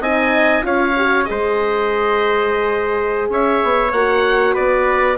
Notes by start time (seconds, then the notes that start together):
0.00 C4 D#4 D#5 G#5
0.62 C#4 F4 C#5 F5
0.96 F#4
1.25 G#3 G#4 C5 D#5
3.29 C#4 C#5 E5
3.63 B3
3.92 A#3 F#4 F#5
4.54 B3 B4 D5